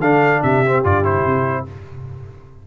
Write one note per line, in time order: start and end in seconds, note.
0.00 0.41 D3
0.00 0.66 D4
0.00 0.42 A4
0.00 0.43 F5
0.43 0.85 C3
0.43 1.67 G4
0.43 0.84 E5
0.66 0.84 C4
0.84 1.26 G2
0.84 1.04 F4
0.84 1.05 D5
1.04 1.66 E4
1.04 1.67 C5
1.26 1.67 C3